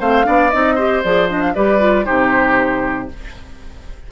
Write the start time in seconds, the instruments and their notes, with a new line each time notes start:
0.00 bassoon A3, clarinet C4, oboe C5, flute F5
0.24 bassoon B3, clarinet D4, oboe D5
0.50 bassoon C4, clarinet D#4, flute D#5
0.75 clarinet G4, oboe C5
1.03 bassoon F3, clarinet G#4, flute D5
1.29 clarinet D4, flute D#5
1.41 flute F5
1.54 bassoon G3, clarinet G4, oboe B4, flute D5
1.79 clarinet F4
2.05 bassoon C3, clarinet D#4, oboe G4, flute C5